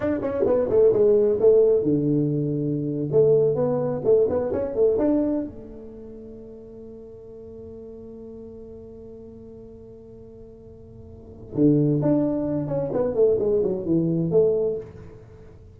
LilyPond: \new Staff \with { instrumentName = "tuba" } { \time 4/4 \tempo 4 = 130 d'8 cis'8 b8 a8 gis4 a4 | d2~ d8. a4 b16~ | b8. a8 b8 cis'8 a8 d'4 a16~ | a1~ |
a1~ | a1~ | a4 d4 d'4. cis'8 | b8 a8 gis8 fis8 e4 a4 | }